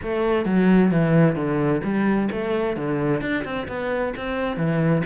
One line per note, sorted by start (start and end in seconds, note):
0.02 0.45 A3
0.45 0.91 F#3
0.91 1.35 E3
1.35 1.81 D3
1.83 2.29 G3
2.31 2.76 A3
2.76 3.21 D3
3.21 3.44 D4
3.44 3.67 C4
3.67 4.13 B3
4.16 4.56 C4
4.56 5.02 E3